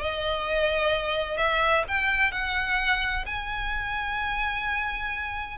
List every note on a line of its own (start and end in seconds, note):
0.00 1.37 D#5
1.37 1.84 E5
1.88 2.32 G5
2.32 3.25 F#5
3.26 5.58 G#5